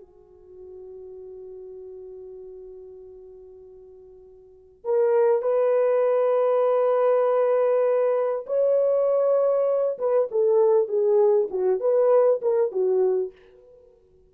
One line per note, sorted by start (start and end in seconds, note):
0.00 4.85 F#4
4.85 5.43 A#4
5.43 8.46 B4
8.47 9.98 C#5
9.99 10.29 B4
10.32 10.88 A4
10.88 11.49 G#4
11.51 11.81 F#4
11.81 12.41 B4
12.42 12.72 A#4
12.72 13.33 F#4